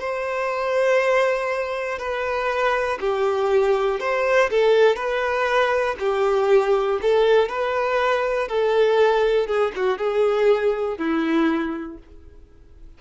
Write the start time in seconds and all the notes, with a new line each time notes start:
0.00 C5
1.99 B4
3.00 G4
4.00 C5
4.50 A4
4.96 B4
6.00 G4
7.02 A4
7.49 B4
8.48 A4
9.47 G#4
9.76 F#4
9.98 G#4
10.98 E4